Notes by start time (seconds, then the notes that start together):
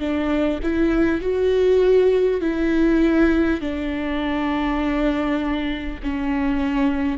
0.00 D4
0.63 E4
1.21 F#4
2.41 E4
3.61 D4
6.03 C#4